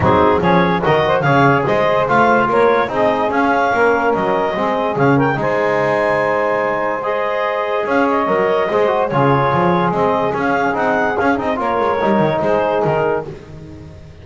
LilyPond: <<
  \new Staff \with { instrumentName = "clarinet" } { \time 4/4 \tempo 4 = 145 gis'4 cis''4 dis''4 f''4 | dis''4 f''4 cis''4 dis''4 | f''2 dis''2 | f''8 g''8 gis''2.~ |
gis''4 dis''2 f''8 dis''8~ | dis''2 cis''2 | dis''4 f''4 fis''4 f''8 dis''8 | cis''2 c''4 ais'4 | }
  \new Staff \with { instrumentName = "saxophone" } { \time 4/4 dis'4 gis'4 ais'8 c''8 cis''4 | c''2 ais'4 gis'4~ | gis'4 ais'2 gis'4~ | gis'8 ais'8 c''2.~ |
c''2. cis''4~ | cis''4 c''4 gis'2~ | gis'1 | ais'2 gis'2 | }
  \new Staff \with { instrumentName = "trombone" } { \time 4/4 c'4 cis'4 fis'4 gis'4~ | gis'4 f'2 dis'4 | cis'2. c'4 | cis'4 dis'2.~ |
dis'4 gis'2. | ais'4 gis'8 fis'8 f'2 | c'4 cis'4 dis'4 cis'8 dis'8 | f'4 dis'2. | }
  \new Staff \with { instrumentName = "double bass" } { \time 4/4 fis4 f4 dis4 cis4 | gis4 a4 ais4 c'4 | cis'4 ais4 fis4 gis4 | cis4 gis2.~ |
gis2. cis'4 | fis4 gis4 cis4 f4 | gis4 cis'4 c'4 cis'8 c'8 | ais8 gis8 g8 dis8 gis4 dis4 | }
>>